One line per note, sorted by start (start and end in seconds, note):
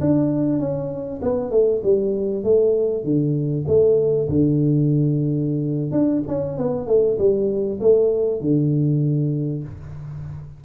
0.00 0.59 D4
0.59 1.20 C#4
1.21 1.51 B3
1.51 1.81 A3
1.83 2.43 G3
2.43 3.03 A3
3.03 3.65 D3
3.67 4.28 A3
4.28 5.91 D3
5.91 6.22 D4
6.27 6.57 C#4
6.57 6.86 B3
6.86 7.17 A3
7.18 7.79 G3
7.80 8.40 A3
8.40 9.63 D3